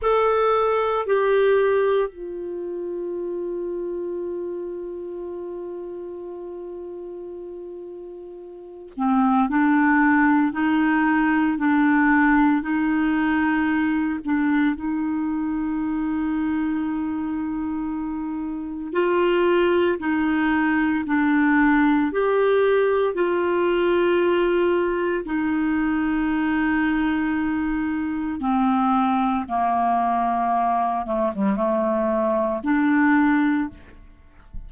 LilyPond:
\new Staff \with { instrumentName = "clarinet" } { \time 4/4 \tempo 4 = 57 a'4 g'4 f'2~ | f'1~ | f'8 c'8 d'4 dis'4 d'4 | dis'4. d'8 dis'2~ |
dis'2 f'4 dis'4 | d'4 g'4 f'2 | dis'2. c'4 | ais4. a16 g16 a4 d'4 | }